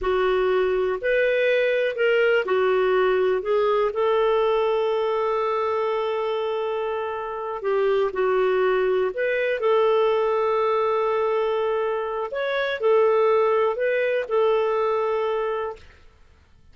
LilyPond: \new Staff \with { instrumentName = "clarinet" } { \time 4/4 \tempo 4 = 122 fis'2 b'2 | ais'4 fis'2 gis'4 | a'1~ | a'2.~ a'8 g'8~ |
g'8 fis'2 b'4 a'8~ | a'1~ | a'4 cis''4 a'2 | b'4 a'2. | }